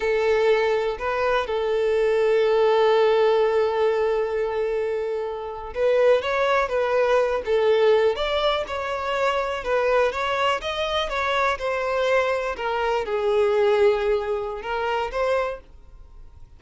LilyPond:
\new Staff \with { instrumentName = "violin" } { \time 4/4 \tempo 4 = 123 a'2 b'4 a'4~ | a'1~ | a'2.~ a'8. b'16~ | b'8. cis''4 b'4. a'8.~ |
a'8. d''4 cis''2 b'16~ | b'8. cis''4 dis''4 cis''4 c''16~ | c''4.~ c''16 ais'4 gis'4~ gis'16~ | gis'2 ais'4 c''4 | }